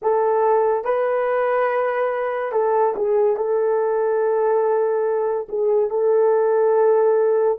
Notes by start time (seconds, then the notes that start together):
0.02 A4
0.84 B4
2.52 A4
2.95 G#4
3.36 A4
5.49 G#4
5.90 A4